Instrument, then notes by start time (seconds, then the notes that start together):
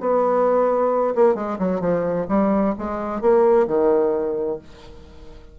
bassoon
0.00 B3
1.15 A#3
1.35 G#3
1.59 F#3
1.80 F3
2.29 G3
2.78 G#3
3.21 A#3
3.67 D#3